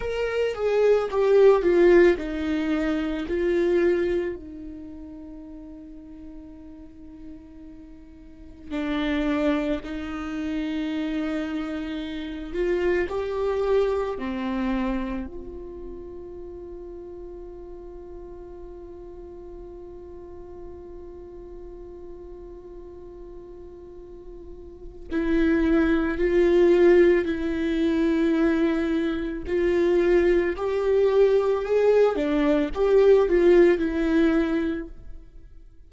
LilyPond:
\new Staff \with { instrumentName = "viola" } { \time 4/4 \tempo 4 = 55 ais'8 gis'8 g'8 f'8 dis'4 f'4 | dis'1 | d'4 dis'2~ dis'8 f'8 | g'4 c'4 f'2~ |
f'1~ | f'2. e'4 | f'4 e'2 f'4 | g'4 gis'8 d'8 g'8 f'8 e'4 | }